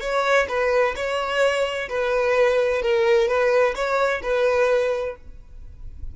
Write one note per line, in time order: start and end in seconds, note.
0.00 0.47 C#5
0.48 0.95 B4
0.96 1.89 C#5
1.89 2.82 B4
2.82 3.28 A#4
3.28 3.74 B4
3.75 4.21 C#5
4.23 5.16 B4